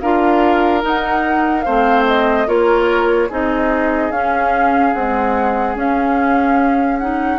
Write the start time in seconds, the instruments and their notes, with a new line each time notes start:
0.00 bassoon D4, clarinet F4, oboe A#4, flute F5
0.82 clarinet D#4, bassoon D#4, flute F#5
1.61 bassoon A3, clarinet C4, oboe C5, flute F5
2.07 flute D#5
2.46 bassoon A#3, clarinet F4, oboe A#4, flute C#5
3.29 bassoon C4, clarinet D#4, oboe G#4, flute D#5
4.10 bassoon C#4, clarinet C#4, flute F5
4.93 clarinet G#3, bassoon C4, flute F#5
5.75 bassoon C#4, clarinet C#4, flute F5
6.98 clarinet D#4, flute F#5